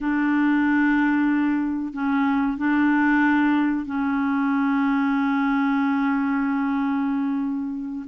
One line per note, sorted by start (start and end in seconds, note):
0.00 1.93 D4
1.93 2.57 C#4
2.57 3.85 D4
3.85 8.05 C#4